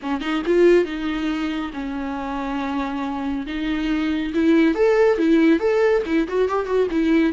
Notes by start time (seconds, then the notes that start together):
0.02 C#4
0.20 D#4
0.46 F4
0.84 D#4
1.73 C#4
3.46 D#4
4.34 E4
4.75 A4
5.17 E4
5.59 A4
6.05 E4
6.28 F#4
6.48 G4
6.66 F#4
6.90 E4